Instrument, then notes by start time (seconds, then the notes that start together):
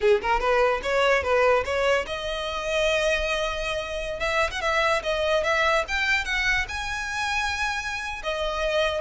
violin
0.00 G#4
0.21 A#4
0.39 B4
0.83 C#5
1.23 B4
1.64 C#5
2.06 D#5
4.19 E5
4.50 F#5
4.61 E5
5.02 D#5
5.43 E5
5.87 G5
6.24 F#5
6.68 G#5
8.23 D#5